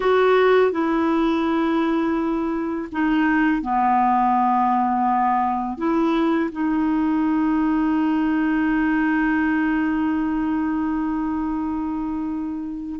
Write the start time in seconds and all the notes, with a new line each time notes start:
0.00 F#4
0.71 E4
2.91 D#4
3.61 B3
5.77 E4
6.51 D#4